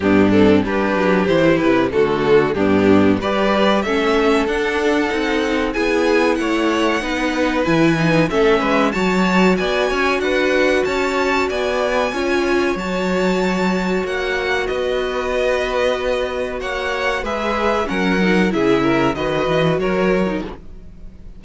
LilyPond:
<<
  \new Staff \with { instrumentName = "violin" } { \time 4/4 \tempo 4 = 94 g'8 a'8 b'4 c''8 b'8 a'4 | g'4 d''4 e''4 fis''4~ | fis''4 gis''4 fis''2 | gis''4 e''4 a''4 gis''4 |
fis''4 a''4 gis''2 | a''2 fis''4 dis''4~ | dis''2 fis''4 e''4 | fis''4 e''4 dis''4 cis''4 | }
  \new Staff \with { instrumentName = "violin" } { \time 4/4 d'4 g'2 fis'4 | d'4 b'4 a'2~ | a'4 gis'4 cis''4 b'4~ | b'4 a'8 b'8 cis''4 d''8 cis''8 |
b'4 cis''4 d''4 cis''4~ | cis''2. b'4~ | b'2 cis''4 b'4 | ais'4 gis'8 ais'8 b'4 ais'4 | }
  \new Staff \with { instrumentName = "viola" } { \time 4/4 b8 c'8 d'4 e'4 a4 | b4 g'4 cis'4 d'4 | dis'4 e'2 dis'4 | e'8 dis'8 cis'4 fis'2~ |
fis'2. f'4 | fis'1~ | fis'2. gis'4 | cis'8 dis'8 e'4 fis'4.~ fis'16 dis'16 | }
  \new Staff \with { instrumentName = "cello" } { \time 4/4 g,4 g8 fis8 e8 c8 d4 | g,4 g4 a4 d'4 | c'4 b4 a4 b4 | e4 a8 gis8 fis4 b8 cis'8 |
d'4 cis'4 b4 cis'4 | fis2 ais4 b4~ | b2 ais4 gis4 | fis4 cis4 dis8 e8 fis4 | }
>>